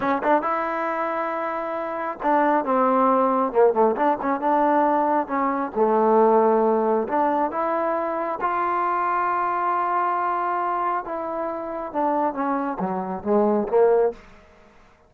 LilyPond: \new Staff \with { instrumentName = "trombone" } { \time 4/4 \tempo 4 = 136 cis'8 d'8 e'2.~ | e'4 d'4 c'2 | ais8 a8 d'8 cis'8 d'2 | cis'4 a2. |
d'4 e'2 f'4~ | f'1~ | f'4 e'2 d'4 | cis'4 fis4 gis4 ais4 | }